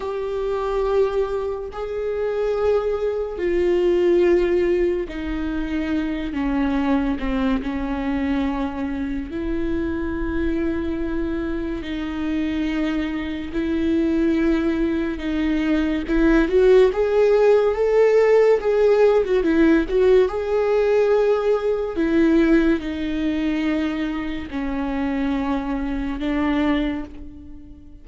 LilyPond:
\new Staff \with { instrumentName = "viola" } { \time 4/4 \tempo 4 = 71 g'2 gis'2 | f'2 dis'4. cis'8~ | cis'8 c'8 cis'2 e'4~ | e'2 dis'2 |
e'2 dis'4 e'8 fis'8 | gis'4 a'4 gis'8. fis'16 e'8 fis'8 | gis'2 e'4 dis'4~ | dis'4 cis'2 d'4 | }